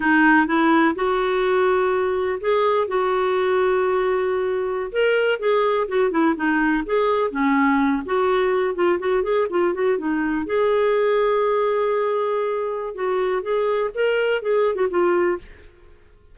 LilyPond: \new Staff \with { instrumentName = "clarinet" } { \time 4/4 \tempo 4 = 125 dis'4 e'4 fis'2~ | fis'4 gis'4 fis'2~ | fis'2~ fis'16 ais'4 gis'8.~ | gis'16 fis'8 e'8 dis'4 gis'4 cis'8.~ |
cis'8. fis'4. f'8 fis'8 gis'8 f'16~ | f'16 fis'8 dis'4 gis'2~ gis'16~ | gis'2. fis'4 | gis'4 ais'4 gis'8. fis'16 f'4 | }